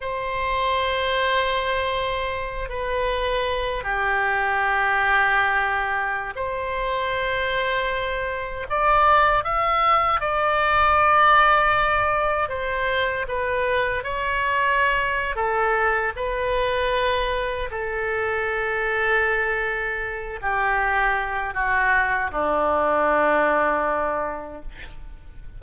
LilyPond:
\new Staff \with { instrumentName = "oboe" } { \time 4/4 \tempo 4 = 78 c''2.~ c''8 b'8~ | b'4 g'2.~ | g'16 c''2. d''8.~ | d''16 e''4 d''2~ d''8.~ |
d''16 c''4 b'4 cis''4.~ cis''16 | a'4 b'2 a'4~ | a'2~ a'8 g'4. | fis'4 d'2. | }